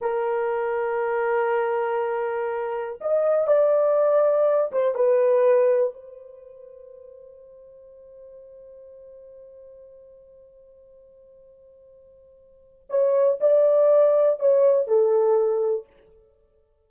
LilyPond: \new Staff \with { instrumentName = "horn" } { \time 4/4 \tempo 4 = 121 ais'1~ | ais'2 dis''4 d''4~ | d''4. c''8 b'2 | c''1~ |
c''1~ | c''1~ | c''2 cis''4 d''4~ | d''4 cis''4 a'2 | }